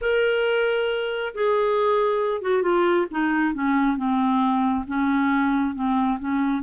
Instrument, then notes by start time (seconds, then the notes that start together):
clarinet
0.01 A#4
1.34 G#4
2.41 F#4
2.62 F4
3.10 D#4
3.54 C#4
3.96 C4
4.87 C#4
5.74 C4
6.19 C#4